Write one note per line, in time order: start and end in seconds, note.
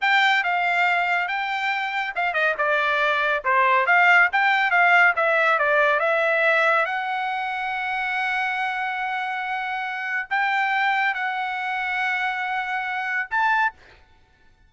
0.01 0.43 G5
0.43 1.28 F5
1.28 2.13 G5
2.15 2.33 F5
2.33 2.54 D#5
2.58 3.43 D5
3.44 3.86 C5
3.86 4.29 F5
4.32 4.70 G5
4.70 5.13 F5
5.16 5.58 E5
5.58 5.99 D5
5.99 6.85 E5
6.85 10.28 F#5
10.30 11.14 G5
11.14 13.28 F#5
13.30 13.73 A5